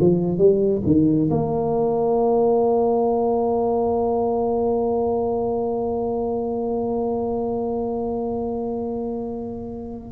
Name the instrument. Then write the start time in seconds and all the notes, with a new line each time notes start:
tuba
0.00 F3
0.38 G3
0.86 D#3
1.31 A#3